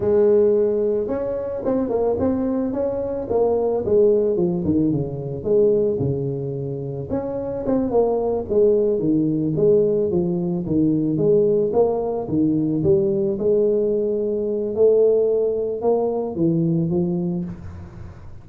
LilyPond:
\new Staff \with { instrumentName = "tuba" } { \time 4/4 \tempo 4 = 110 gis2 cis'4 c'8 ais8 | c'4 cis'4 ais4 gis4 | f8 dis8 cis4 gis4 cis4~ | cis4 cis'4 c'8 ais4 gis8~ |
gis8 dis4 gis4 f4 dis8~ | dis8 gis4 ais4 dis4 g8~ | g8 gis2~ gis8 a4~ | a4 ais4 e4 f4 | }